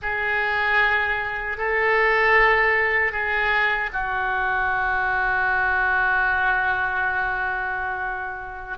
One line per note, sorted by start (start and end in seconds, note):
0.01 1.57 G#4
1.57 3.12 A4
3.12 3.90 G#4
3.92 8.78 F#4